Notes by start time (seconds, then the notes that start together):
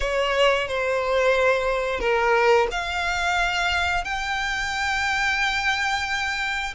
0.00 C#5
0.67 C5
2.00 A#4
2.71 F5
4.04 G5